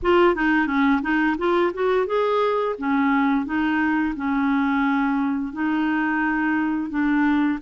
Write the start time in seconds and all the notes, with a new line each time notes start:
0.02 F4
0.34 D#4
0.66 C#4
1.02 D#4
1.38 F4
1.73 F#4
2.06 G#4
2.78 C#4
3.45 D#4
4.15 C#4
5.52 D#4
6.90 D4